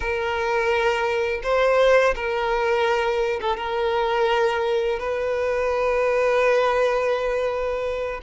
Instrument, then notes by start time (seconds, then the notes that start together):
violin
0.00 A#4
1.43 C5
2.15 A#4
3.41 A4
3.56 A#4
4.99 B4